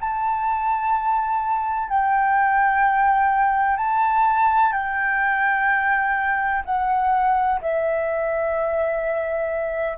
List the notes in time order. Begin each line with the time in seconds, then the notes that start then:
0.00 A5
1.88 G5
3.77 A5
4.72 G5
6.65 F#5
7.61 E5